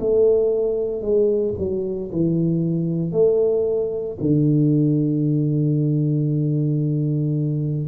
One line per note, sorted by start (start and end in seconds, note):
0.00 1.01 A3
1.01 1.54 G#3
1.58 2.11 F#3
2.11 3.12 E3
3.12 4.17 A3
4.20 7.88 D3